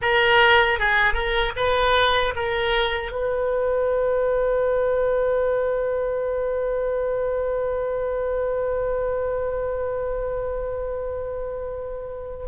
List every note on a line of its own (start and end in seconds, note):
0.01 0.79 A#4
0.79 1.13 G#4
1.13 1.52 A#4
1.55 2.33 B4
2.35 3.11 A#4
3.11 12.46 B4